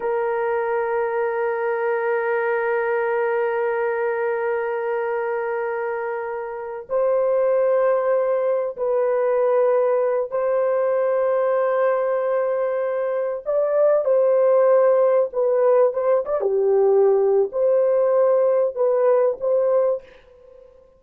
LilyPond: \new Staff \with { instrumentName = "horn" } { \time 4/4 \tempo 4 = 96 ais'1~ | ais'1~ | ais'2. c''4~ | c''2 b'2~ |
b'8 c''2.~ c''8~ | c''4. d''4 c''4.~ | c''8 b'4 c''8 d''16 g'4.~ g'16 | c''2 b'4 c''4 | }